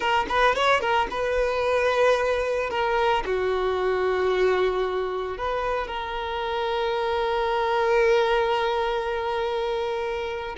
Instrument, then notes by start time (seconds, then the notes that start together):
violin
0.00 A#4
0.28 B4
0.55 C#5
0.80 A#4
1.10 B4
2.70 A#4
3.25 F#4
5.37 B4
5.87 A#4